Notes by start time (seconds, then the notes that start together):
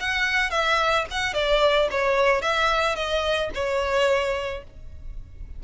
0.00 F#5
0.51 E5
1.11 F#5
1.34 D5
1.91 C#5
2.41 E5
2.96 D#5
3.54 C#5